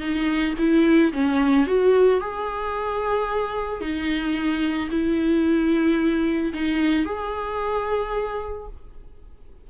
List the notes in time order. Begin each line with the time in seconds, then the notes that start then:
0.00 D#4
0.58 E4
1.13 C#4
1.67 F#4
2.20 G#4
3.81 D#4
4.91 E4
6.54 D#4
7.05 G#4